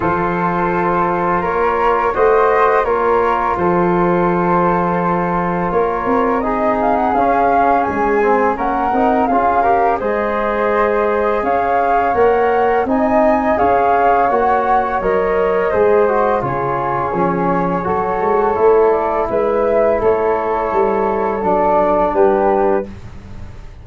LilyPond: <<
  \new Staff \with { instrumentName = "flute" } { \time 4/4 \tempo 4 = 84 c''2 cis''4 dis''4 | cis''4 c''2. | cis''4 dis''8 f''16 fis''16 f''4 gis''4 | fis''4 f''4 dis''2 |
f''4 fis''4 gis''4 f''4 | fis''4 dis''2 cis''4~ | cis''2~ cis''8 d''8 e''4 | cis''2 d''4 b'4 | }
  \new Staff \with { instrumentName = "flute" } { \time 4/4 a'2 ais'4 c''4 | ais'4 a'2. | ais'4 gis'2. | ais'4 gis'8 ais'8 c''2 |
cis''2 dis''4 cis''4~ | cis''2 c''4 gis'4~ | gis'4 a'2 b'4 | a'2. g'4 | }
  \new Staff \with { instrumentName = "trombone" } { \time 4/4 f'2. fis'4 | f'1~ | f'4 dis'4 cis'4. c'8 | cis'8 dis'8 f'8 g'8 gis'2~ |
gis'4 ais'4 dis'4 gis'4 | fis'4 ais'4 gis'8 fis'8 f'4 | cis'4 fis'4 e'2~ | e'2 d'2 | }
  \new Staff \with { instrumentName = "tuba" } { \time 4/4 f2 ais4 a4 | ais4 f2. | ais8 c'4. cis'4 gis4 | ais8 c'8 cis'4 gis2 |
cis'4 ais4 c'4 cis'4 | ais4 fis4 gis4 cis4 | f4 fis8 gis8 a4 gis4 | a4 g4 fis4 g4 | }
>>